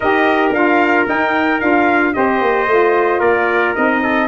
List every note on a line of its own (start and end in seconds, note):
0.00 0.51 D#4
0.00 0.54 G4
0.00 2.13 A#4
0.00 0.51 D#5
0.51 1.05 D4
0.51 1.06 F4
0.51 1.07 F5
1.06 1.59 D#4
1.06 1.61 D#4
1.06 1.60 G5
1.60 2.15 D4
1.60 2.13 F4
1.60 2.13 F5
2.13 2.41 C4
2.13 2.66 G4
2.13 3.19 C5
2.13 3.20 D#5
2.41 2.67 A#3
2.67 3.21 A3
2.67 3.75 F4
3.19 3.74 A#3
3.19 4.00 A#4
3.19 3.73 D5
3.75 4.28 C4
3.75 4.28 D#4
3.75 4.28 D#5
4.02 4.28 A4